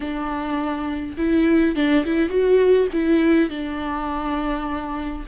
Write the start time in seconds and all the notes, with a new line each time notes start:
0.00 D4
1.17 E4
1.75 D4
2.05 E4
2.29 F#4
2.93 E4
3.49 D4